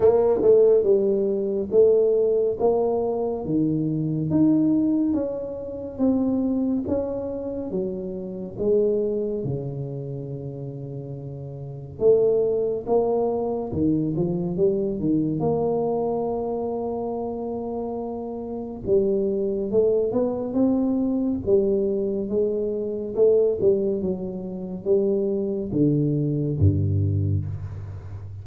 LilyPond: \new Staff \with { instrumentName = "tuba" } { \time 4/4 \tempo 4 = 70 ais8 a8 g4 a4 ais4 | dis4 dis'4 cis'4 c'4 | cis'4 fis4 gis4 cis4~ | cis2 a4 ais4 |
dis8 f8 g8 dis8 ais2~ | ais2 g4 a8 b8 | c'4 g4 gis4 a8 g8 | fis4 g4 d4 g,4 | }